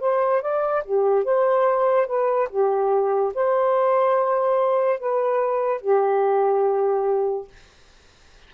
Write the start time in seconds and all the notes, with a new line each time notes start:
0.00 C5
0.41 D5
0.84 G4
1.24 C5
2.06 B4
2.49 G4
3.34 C5
4.99 B4
5.81 G4